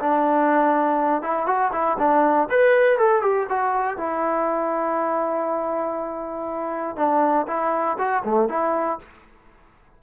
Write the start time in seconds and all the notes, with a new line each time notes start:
0.00 D4
1.22 E4
1.46 F#4
1.72 E4
1.99 D4
2.50 B4
2.98 A4
3.22 G4
3.50 F#4
3.97 E4
6.96 D4
7.47 E4
7.99 F#4
8.25 A3
8.49 E4